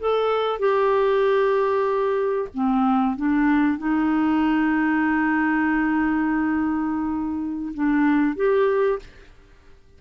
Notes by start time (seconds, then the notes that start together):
0.00 A4
0.60 G4
2.55 C4
3.17 D4
3.79 D#4
7.75 D4
8.37 G4